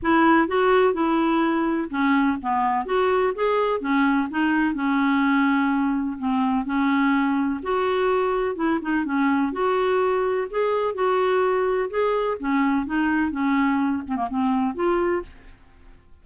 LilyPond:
\new Staff \with { instrumentName = "clarinet" } { \time 4/4 \tempo 4 = 126 e'4 fis'4 e'2 | cis'4 b4 fis'4 gis'4 | cis'4 dis'4 cis'2~ | cis'4 c'4 cis'2 |
fis'2 e'8 dis'8 cis'4 | fis'2 gis'4 fis'4~ | fis'4 gis'4 cis'4 dis'4 | cis'4. c'16 ais16 c'4 f'4 | }